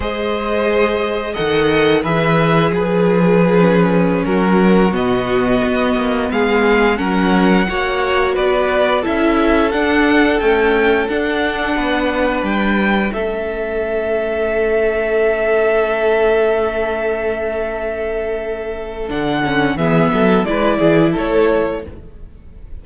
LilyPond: <<
  \new Staff \with { instrumentName = "violin" } { \time 4/4 \tempo 4 = 88 dis''2 fis''4 e''4 | b'2~ b'16 ais'4 dis''8.~ | dis''4~ dis''16 f''4 fis''4.~ fis''16~ | fis''16 d''4 e''4 fis''4 g''8.~ |
g''16 fis''2 g''4 e''8.~ | e''1~ | e''1 | fis''4 e''4 d''4 cis''4 | }
  \new Staff \with { instrumentName = "violin" } { \time 4/4 c''2 dis''4 b'4 | gis'2~ gis'16 fis'4.~ fis'16~ | fis'4~ fis'16 gis'4 ais'4 cis''8.~ | cis''16 b'4 a'2~ a'8.~ |
a'4~ a'16 b'2 a'8.~ | a'1~ | a'1~ | a'4 gis'8 a'8 b'8 gis'8 a'4 | }
  \new Staff \with { instrumentName = "viola" } { \time 4/4 gis'2 a'4 gis'4~ | gis'4~ gis'16 cis'2 b8.~ | b2~ b16 cis'4 fis'8.~ | fis'4~ fis'16 e'4 d'4 a8.~ |
a16 d'2. cis'8.~ | cis'1~ | cis'1 | d'8 cis'8 b4 e'2 | }
  \new Staff \with { instrumentName = "cello" } { \time 4/4 gis2 dis4 e4 | f2~ f16 fis4 b,8.~ | b,16 b8 ais8 gis4 fis4 ais8.~ | ais16 b4 cis'4 d'4 cis'8.~ |
cis'16 d'4 b4 g4 a8.~ | a1~ | a1 | d4 e8 fis8 gis8 e8 a4 | }
>>